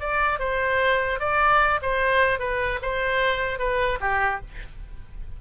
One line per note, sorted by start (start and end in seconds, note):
0.00 0.40 D5
0.40 1.20 C5
1.20 1.80 D5
1.82 2.39 C5
2.39 2.80 B4
2.82 3.59 C5
3.59 3.99 B4
4.00 4.41 G4